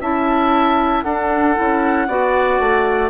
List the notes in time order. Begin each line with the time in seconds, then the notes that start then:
0.00 C#4 E4 E5 A5
1.02 D4 A4 F#5
1.55 C#4 E4
2.08 B3 F#4 D5
2.59 A3